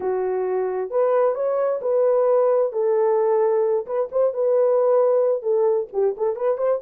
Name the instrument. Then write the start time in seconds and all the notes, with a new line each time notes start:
horn
0.00 F#4
0.90 B4
1.34 C#5
1.81 B4
2.72 A4
3.86 B4
4.11 C5
4.33 B4
5.42 A4
5.92 G4
6.17 A4
6.36 B4
6.57 C5